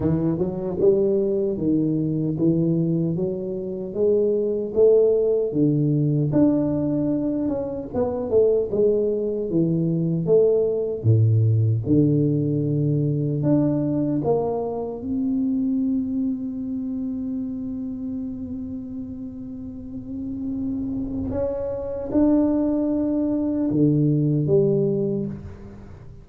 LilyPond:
\new Staff \with { instrumentName = "tuba" } { \time 4/4 \tempo 4 = 76 e8 fis8 g4 dis4 e4 | fis4 gis4 a4 d4 | d'4. cis'8 b8 a8 gis4 | e4 a4 a,4 d4~ |
d4 d'4 ais4 c'4~ | c'1~ | c'2. cis'4 | d'2 d4 g4 | }